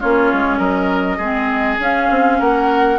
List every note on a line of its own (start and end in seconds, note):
0.00 0.33 A#3
0.00 1.20 C#4
0.00 0.58 F4
0.00 0.59 C#5
0.33 0.59 G#3
0.58 1.18 F#3
0.58 1.17 A#4
0.58 1.79 D#5
1.17 1.78 G#3
1.17 1.79 C4
1.17 2.37 G#4
1.79 2.99 C#4
1.79 2.09 C#4
1.79 2.40 F5
2.10 2.40 C4
2.39 2.99 A#3
2.39 2.99 A#4
2.39 2.99 F#5